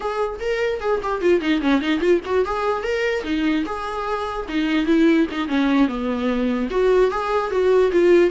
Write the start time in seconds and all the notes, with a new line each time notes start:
0.00 G#4
0.40 A#4
0.80 G#4
1.02 G4
1.21 F4
1.41 D#4
1.61 C#4
1.81 D#4
2.00 F4
2.25 F#4
2.45 G#4
2.83 A#4
3.23 D#4
3.65 G#4
4.48 D#4
4.85 E4
5.31 D#4
5.48 C#4
5.87 B3
6.70 F#4
7.10 G#4
7.50 F#4
7.91 F4